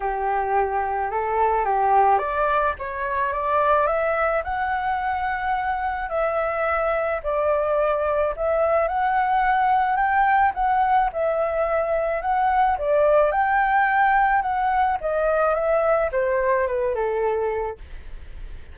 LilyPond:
\new Staff \with { instrumentName = "flute" } { \time 4/4 \tempo 4 = 108 g'2 a'4 g'4 | d''4 cis''4 d''4 e''4 | fis''2. e''4~ | e''4 d''2 e''4 |
fis''2 g''4 fis''4 | e''2 fis''4 d''4 | g''2 fis''4 dis''4 | e''4 c''4 b'8 a'4. | }